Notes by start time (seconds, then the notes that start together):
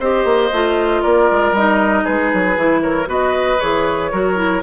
0.00 C4 G4 C5 D#5
0.25 A#3
0.53 A3 F4
1.02 A#3 A#4 D5
1.31 G#3
1.52 G3 D#4 D#5
2.04 G#3 G#4 B4
2.34 F#3
2.57 E3 E4
2.82 A#4 C#5
3.06 B3 F#4 B4 D#5
3.60 E3 G#4 C#5
4.12 F#3 F#4 A#4
4.36 E4